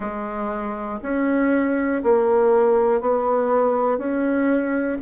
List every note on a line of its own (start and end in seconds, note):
0.00 1.00 G#3
1.02 2.02 C#4
2.03 3.00 A#3
3.00 3.98 B3
3.98 4.98 C#4